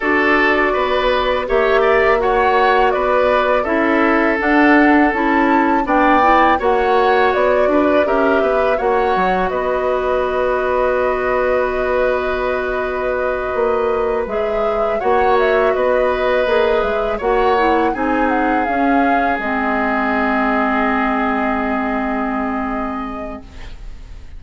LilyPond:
<<
  \new Staff \with { instrumentName = "flute" } { \time 4/4 \tempo 4 = 82 d''2 e''4 fis''4 | d''4 e''4 fis''4 a''4 | g''4 fis''4 d''4 e''4 | fis''4 dis''2.~ |
dis''2.~ dis''8 e''8~ | e''8 fis''8 e''8 dis''4. e''8 fis''8~ | fis''8 gis''8 fis''8 f''4 dis''4.~ | dis''1 | }
  \new Staff \with { instrumentName = "oboe" } { \time 4/4 a'4 b'4 cis''8 d''8 cis''4 | b'4 a'2. | d''4 cis''4. b'8 ais'8 b'8 | cis''4 b'2.~ |
b'1~ | b'8 cis''4 b'2 cis''8~ | cis''8 gis'2.~ gis'8~ | gis'1 | }
  \new Staff \with { instrumentName = "clarinet" } { \time 4/4 fis'2 g'4 fis'4~ | fis'4 e'4 d'4 e'4 | d'8 e'8 fis'2 g'4 | fis'1~ |
fis'2.~ fis'8 gis'8~ | gis'8 fis'2 gis'4 fis'8 | e'8 dis'4 cis'4 c'4.~ | c'1 | }
  \new Staff \with { instrumentName = "bassoon" } { \time 4/4 d'4 b4 ais2 | b4 cis'4 d'4 cis'4 | b4 ais4 b8 d'8 cis'8 b8 | ais8 fis8 b2.~ |
b2~ b8 ais4 gis8~ | gis8 ais4 b4 ais8 gis8 ais8~ | ais8 c'4 cis'4 gis4.~ | gis1 | }
>>